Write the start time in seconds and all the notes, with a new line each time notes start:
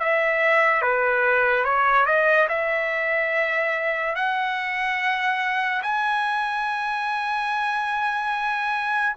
0.00 E5
0.82 B4
1.65 C#5
2.06 D#5
2.49 E5
4.16 F#5
5.83 G#5